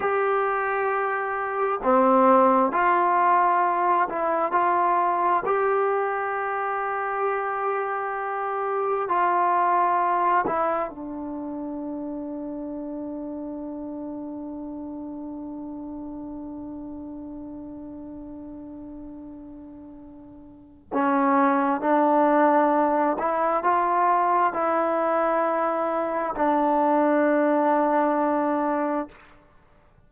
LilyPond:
\new Staff \with { instrumentName = "trombone" } { \time 4/4 \tempo 4 = 66 g'2 c'4 f'4~ | f'8 e'8 f'4 g'2~ | g'2 f'4. e'8 | d'1~ |
d'1~ | d'2. cis'4 | d'4. e'8 f'4 e'4~ | e'4 d'2. | }